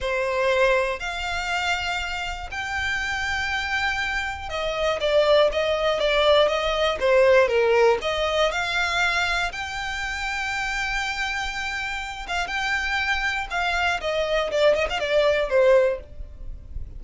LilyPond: \new Staff \with { instrumentName = "violin" } { \time 4/4 \tempo 4 = 120 c''2 f''2~ | f''4 g''2.~ | g''4 dis''4 d''4 dis''4 | d''4 dis''4 c''4 ais'4 |
dis''4 f''2 g''4~ | g''1~ | g''8 f''8 g''2 f''4 | dis''4 d''8 dis''16 f''16 d''4 c''4 | }